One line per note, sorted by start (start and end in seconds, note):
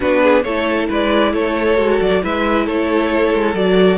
0.00 0.44 B3
0.00 0.44 D4
0.00 0.22 F#4
0.00 0.42 B4
0.22 0.44 G#4
0.42 0.88 A3
0.42 1.76 E4
0.42 0.88 A4
0.42 0.87 C#5
0.88 1.33 G#3
0.88 1.32 B4
0.88 1.33 D5
1.33 1.77 A3
1.33 2.22 A4
1.33 2.00 C#5
1.76 2.00 G#3
1.76 2.21 F#4
2.00 2.23 F#3
2.00 2.22 D5
2.21 2.67 G#3
2.21 3.54 E4
2.21 2.65 B4
2.21 2.66 E5
2.65 3.34 A3
2.65 3.97 A4
2.65 3.54 C#5
3.34 3.54 G#3
3.54 3.97 F#3
3.54 3.97 F#4
3.54 3.97 D5